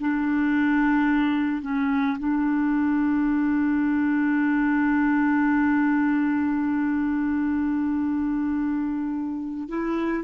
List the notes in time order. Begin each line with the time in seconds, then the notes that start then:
0.00 D4
1.62 C#4
2.19 D4
9.69 E4